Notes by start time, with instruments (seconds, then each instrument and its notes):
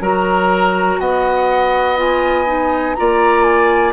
0.00 bassoon F#3, clarinet F#4, oboe A#4, flute A#5
0.99 bassoon B3, oboe D#5, flute F#5
1.97 clarinet F4, flute G#5
2.45 clarinet D#4
2.94 bassoon A#3, clarinet F4, oboe D5, flute A#5
3.43 flute G#5